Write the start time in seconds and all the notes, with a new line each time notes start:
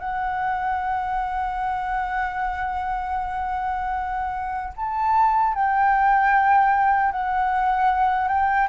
0.00 F#5
4.77 A5
5.55 G5
7.12 F#5
8.29 G5